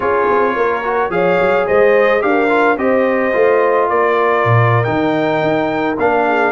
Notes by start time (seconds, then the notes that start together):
0.00 C#4 F4 G#4 C#5
0.30 C4
0.56 A#3 A#4
0.84 F#4
1.09 F3 G#4 C#5 F5
1.39 F#3
1.67 G#3 C5 D#5
2.20 D4 G4 A#4 F5
2.49 F4
2.77 C4 G4 C5 D#5
3.32 A3 F4
3.89 A#3 A#4 D5
4.44 A#2
4.84 D#3 D#4 G5
5.42 D#4
5.98 A#3 D4 F5
6.26 G#4